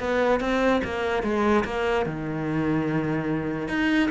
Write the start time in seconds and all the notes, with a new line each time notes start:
0.00 B3
0.41 C4
0.84 A#3
1.23 G#3
1.65 A#3
2.06 D#3
3.68 D#4